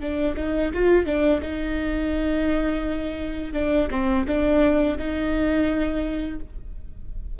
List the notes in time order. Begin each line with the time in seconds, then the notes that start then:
0.00 D4
0.36 D#4
0.74 F4
1.06 D4
1.42 D#4
3.53 D4
3.90 C4
4.27 D4
4.98 D#4